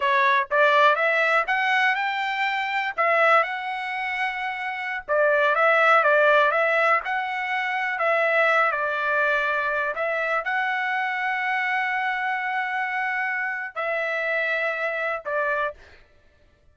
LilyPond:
\new Staff \with { instrumentName = "trumpet" } { \time 4/4 \tempo 4 = 122 cis''4 d''4 e''4 fis''4 | g''2 e''4 fis''4~ | fis''2~ fis''16 d''4 e''8.~ | e''16 d''4 e''4 fis''4.~ fis''16~ |
fis''16 e''4. d''2~ d''16~ | d''16 e''4 fis''2~ fis''8.~ | fis''1 | e''2. d''4 | }